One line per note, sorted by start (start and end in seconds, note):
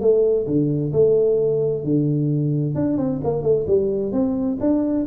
0.00 0.46 A3
0.46 0.92 D3
0.92 1.84 A3
1.84 2.75 D3
2.75 2.97 D4
2.97 3.20 C4
3.24 3.42 A#3
3.42 3.65 A3
3.67 4.12 G3
4.12 4.57 C4
4.60 5.06 D4